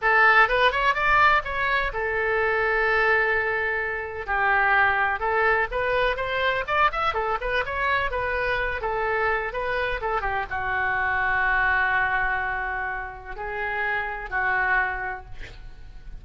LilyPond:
\new Staff \with { instrumentName = "oboe" } { \time 4/4 \tempo 4 = 126 a'4 b'8 cis''8 d''4 cis''4 | a'1~ | a'4 g'2 a'4 | b'4 c''4 d''8 e''8 a'8 b'8 |
cis''4 b'4. a'4. | b'4 a'8 g'8 fis'2~ | fis'1 | gis'2 fis'2 | }